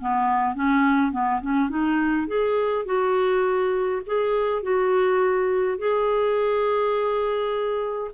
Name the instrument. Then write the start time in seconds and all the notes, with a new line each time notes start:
clarinet
0.00 B3
0.55 C#4
1.11 B3
1.41 C#4
1.69 D#4
2.27 G#4
2.85 F#4
4.06 G#4
4.62 F#4
5.78 G#4